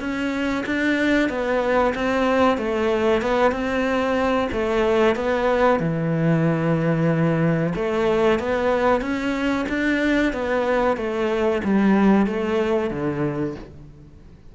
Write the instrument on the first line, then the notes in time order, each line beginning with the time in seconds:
cello
0.00 C#4
0.66 D4
1.29 B3
1.95 C4
2.58 A3
3.22 B3
3.52 C4
4.52 A3
5.16 B3
5.80 E3
7.75 A3
8.39 B3
9.01 C#4
9.69 D4
10.33 B3
10.97 A3
11.64 G3
12.26 A3
12.90 D3